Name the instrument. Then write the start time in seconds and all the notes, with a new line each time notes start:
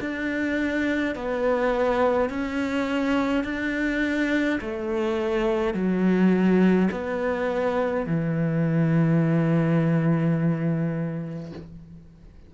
cello
0.00 D4
1.15 B3
2.29 C#4
3.44 D4
4.60 A3
5.73 F#3
6.91 B3
8.06 E3